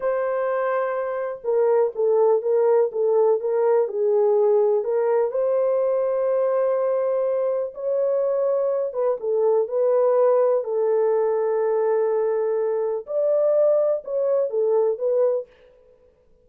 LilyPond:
\new Staff \with { instrumentName = "horn" } { \time 4/4 \tempo 4 = 124 c''2. ais'4 | a'4 ais'4 a'4 ais'4 | gis'2 ais'4 c''4~ | c''1 |
cis''2~ cis''8 b'8 a'4 | b'2 a'2~ | a'2. d''4~ | d''4 cis''4 a'4 b'4 | }